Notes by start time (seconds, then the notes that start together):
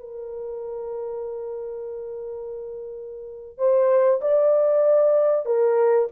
0.00 A#4
3.58 C5
4.21 D5
5.45 A#4